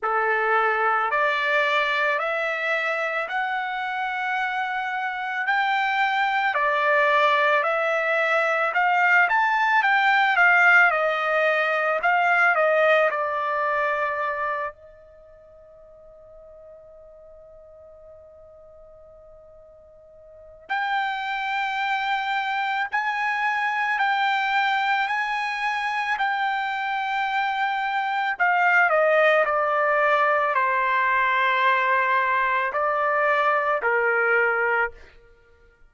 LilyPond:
\new Staff \with { instrumentName = "trumpet" } { \time 4/4 \tempo 4 = 55 a'4 d''4 e''4 fis''4~ | fis''4 g''4 d''4 e''4 | f''8 a''8 g''8 f''8 dis''4 f''8 dis''8 | d''4. dis''2~ dis''8~ |
dis''2. g''4~ | g''4 gis''4 g''4 gis''4 | g''2 f''8 dis''8 d''4 | c''2 d''4 ais'4 | }